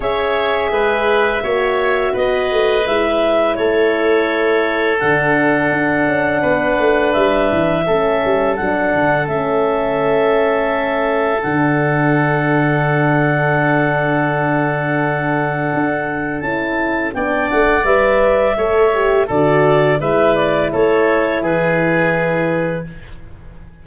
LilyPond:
<<
  \new Staff \with { instrumentName = "clarinet" } { \time 4/4 \tempo 4 = 84 e''2. dis''4 | e''4 cis''2 fis''4~ | fis''2 e''2 | fis''4 e''2. |
fis''1~ | fis''2. a''4 | g''8 fis''8 e''2 d''4 | e''8 d''8 cis''4 b'2 | }
  \new Staff \with { instrumentName = "oboe" } { \time 4/4 cis''4 b'4 cis''4 b'4~ | b'4 a'2.~ | a'4 b'2 a'4~ | a'1~ |
a'1~ | a'1 | d''2 cis''4 a'4 | b'4 a'4 gis'2 | }
  \new Staff \with { instrumentName = "horn" } { \time 4/4 gis'2 fis'2 | e'2. d'4~ | d'2. cis'4 | d'4 cis'2. |
d'1~ | d'2. e'4 | d'4 b'4 a'8 g'8 fis'4 | e'1 | }
  \new Staff \with { instrumentName = "tuba" } { \time 4/4 cis'4 gis4 ais4 b8 a8 | gis4 a2 d4 | d'8 cis'8 b8 a8 g8 e8 a8 g8 | fis8 d8 a2. |
d1~ | d2 d'4 cis'4 | b8 a8 g4 a4 d4 | gis4 a4 e2 | }
>>